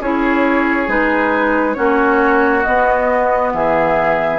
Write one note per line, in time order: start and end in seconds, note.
0.00 0.88 C#4
0.00 0.87 E4
0.00 1.77 G#4
0.00 0.90 C#5
0.87 1.76 G#3
0.87 1.75 D#4
0.87 1.74 B4
1.74 2.66 A#3
1.74 2.63 C#4
1.74 3.53 F#4
1.74 2.62 C#5
2.63 4.39 B3
2.63 3.54 B3
2.63 3.51 D#5
3.54 4.39 E3
3.54 4.39 G#4
3.54 4.39 E5